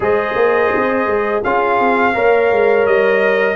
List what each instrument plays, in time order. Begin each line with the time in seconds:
0.00 tuba G#3, trombone G#4, horn C5, trumpet D#5
0.35 tuba A#3
0.75 tuba C4
1.06 tuba G#3
1.42 tuba C#4, trombone F4, horn G#4, trumpet F5
1.79 tuba C4
2.13 tuba A#3, trombone A#4, horn C#5
2.51 tuba G#3
2.85 tuba G3, trumpet D#5